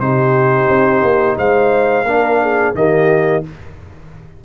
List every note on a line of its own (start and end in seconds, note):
0.00 0.68 C3
0.00 2.06 D#4
0.00 1.38 G4
0.00 1.37 C5
0.69 1.02 C4
1.02 1.37 A#3
1.37 2.04 G#3
1.37 2.06 C5
1.37 2.75 F5
2.04 2.72 A#3
2.04 2.75 D4
2.04 2.42 A#4
2.42 2.76 G#4
2.75 3.43 D#3
2.75 3.43 A#3
2.75 3.44 G4
2.75 3.44 D#5